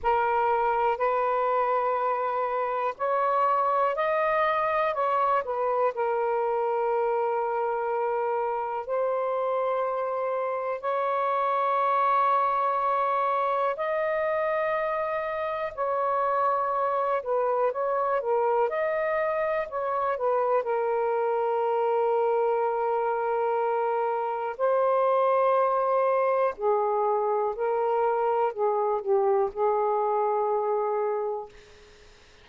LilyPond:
\new Staff \with { instrumentName = "saxophone" } { \time 4/4 \tempo 4 = 61 ais'4 b'2 cis''4 | dis''4 cis''8 b'8 ais'2~ | ais'4 c''2 cis''4~ | cis''2 dis''2 |
cis''4. b'8 cis''8 ais'8 dis''4 | cis''8 b'8 ais'2.~ | ais'4 c''2 gis'4 | ais'4 gis'8 g'8 gis'2 | }